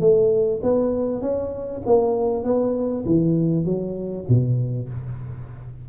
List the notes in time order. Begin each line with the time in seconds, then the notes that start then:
0.00 A3
0.63 B3
1.21 C#4
1.86 A#3
2.44 B3
3.05 E3
3.65 F#3
4.28 B2